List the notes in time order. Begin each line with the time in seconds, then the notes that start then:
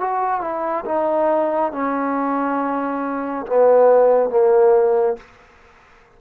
0.00 F#4
0.41 E4
0.85 D#4
1.72 C#4
3.47 B3
4.30 A#3